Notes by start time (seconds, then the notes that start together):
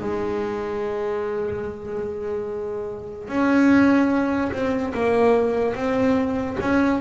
0.00 G#3
3.28 C#4
4.52 C4
4.94 A#3
5.75 C4
6.60 C#4